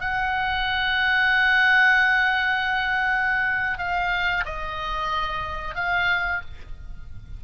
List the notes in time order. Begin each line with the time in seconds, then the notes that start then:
0.00 F#5
3.78 F5
4.45 D#5
5.75 F5